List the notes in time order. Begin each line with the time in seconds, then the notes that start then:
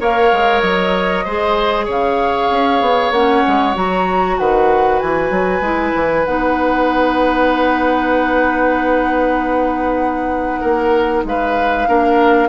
0.00 A#3 A#4 C#5 F5
0.32 G#3
0.60 F#3 D#5
1.24 G#3 G#4 C5
1.85 C#3 C#5 F5
2.50 C#4
2.81 B3
3.11 A#3 C#4 F#5
3.47 G#3
3.74 F#3 F#4 A#5
4.38 D#3 B4 F#5
4.99 E3 G#5
5.30 F#3
5.60 G#3 E4
5.95 E3
6.24 B3 D#4 F#5
10.60 A#3 A#4
11.24 G#3 B4 F5
11.87 A#3 D4 A#4